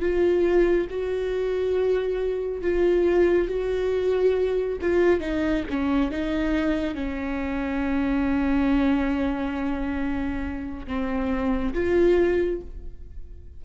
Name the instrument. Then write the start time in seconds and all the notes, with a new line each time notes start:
viola
0.00 F4
0.90 F#4
2.62 F4
3.48 F#4
4.82 F4
5.21 D#4
5.70 C#4
6.11 D#4
6.95 C#4
10.87 C4
11.74 F4